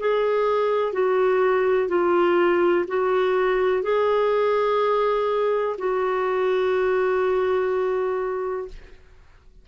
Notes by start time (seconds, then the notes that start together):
0.00 G#4
0.93 F#4
1.89 F4
2.88 F#4
3.83 G#4
5.78 F#4